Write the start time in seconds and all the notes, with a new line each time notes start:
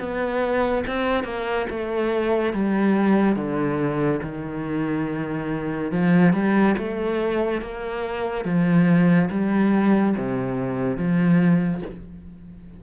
0.00 B3
0.87 C4
1.24 A#3
1.70 A3
2.54 G3
3.36 D3
4.23 D#3
5.92 F3
6.34 G3
6.78 A3
7.62 A#3
8.45 F3
9.31 G3
10.17 C3
10.98 F3